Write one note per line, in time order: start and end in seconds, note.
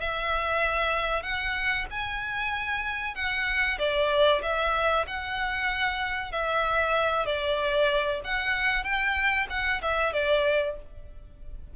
0.00 1.22 E5
1.22 1.85 F#5
1.90 3.15 G#5
3.15 3.78 F#5
3.78 4.42 D5
4.42 5.05 E5
5.07 6.32 F#5
6.32 7.25 E5
7.25 8.20 D5
8.24 8.84 F#5
8.84 9.47 G5
9.50 9.81 F#5
9.82 10.13 E5
10.13 10.76 D5